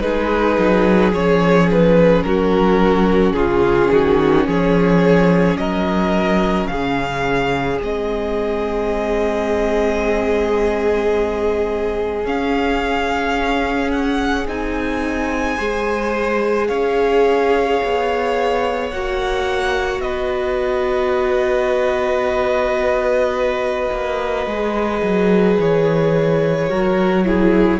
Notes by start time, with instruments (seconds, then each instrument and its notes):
0.00 cello G#3, viola D#4, violin G#4 B4
0.58 cello F#3
1.12 cello F3, viola C#4, violin C#5
1.71 violin B4
2.23 cello F#3, violin F#4 A#4
3.32 cello C#3, violin F4 G#4
3.91 cello D#3, violin F#4
4.46 cello F3, violin G#4 C#5
5.56 cello F#3, violin A#4 D#5
6.67 cello C#3, violin G#4 F5
7.80 cello G#3, viola C4, violin D#5
12.24 viola C#4, cello C#4, violin F5
13.91 violin F#5
14.47 cello C4, viola D#4, violin G#5
15.56 cello G#3, viola G#4, violin C5
16.68 cello C#4, violin C#5 F5
17.83 cello B3
18.90 cello A#3, viola F#4, violin F#5
20.00 cello B3, violin B4 D#5
23.91 cello A#3
24.46 cello G#3, viola G#4
25.02 cello F#3
25.59 cello E3, violin C#5
26.69 cello F#3, viola F#4, violin A#4
27.25 viola E4, violin G#4